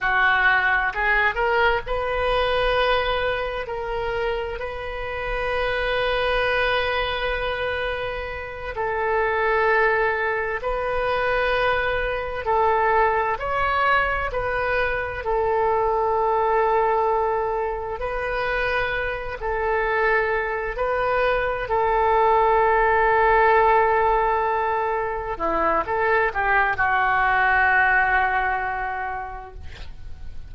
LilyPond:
\new Staff \with { instrumentName = "oboe" } { \time 4/4 \tempo 4 = 65 fis'4 gis'8 ais'8 b'2 | ais'4 b'2.~ | b'4. a'2 b'8~ | b'4. a'4 cis''4 b'8~ |
b'8 a'2. b'8~ | b'4 a'4. b'4 a'8~ | a'2.~ a'8 e'8 | a'8 g'8 fis'2. | }